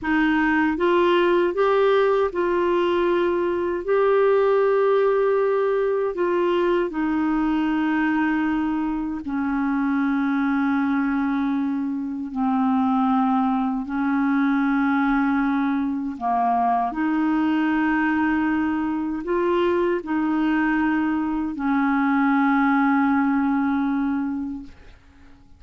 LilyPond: \new Staff \with { instrumentName = "clarinet" } { \time 4/4 \tempo 4 = 78 dis'4 f'4 g'4 f'4~ | f'4 g'2. | f'4 dis'2. | cis'1 |
c'2 cis'2~ | cis'4 ais4 dis'2~ | dis'4 f'4 dis'2 | cis'1 | }